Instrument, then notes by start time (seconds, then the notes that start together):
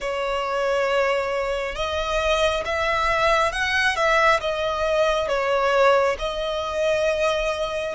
violin
0.00 C#5
1.75 D#5
2.65 E5
3.51 F#5
3.95 E5
4.40 D#5
5.27 C#5
6.18 D#5